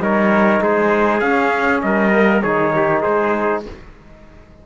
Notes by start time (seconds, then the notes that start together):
0.00 G3 D#4 A#4 C#5
0.61 G#3 G#4 C5
1.20 C#4 F5
1.82 G3 A#4 D#5
2.12 A#3
2.42 D#3 D#4 G#4 C#5
2.76 G4
3.02 G#3 G#4 C5